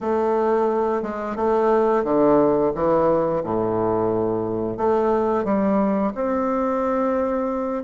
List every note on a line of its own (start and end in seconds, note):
0.00 1.02 A3
1.02 1.36 G#3
1.36 2.04 A3
2.04 2.72 D3
2.74 3.42 E3
3.43 4.77 A2
4.77 5.44 A3
5.44 6.12 G3
6.14 7.83 C4